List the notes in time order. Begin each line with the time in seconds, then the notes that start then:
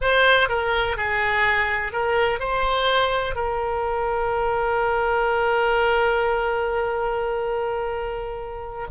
0.01 C5
0.48 A#4
0.96 G#4
1.92 A#4
2.39 C5
3.35 A#4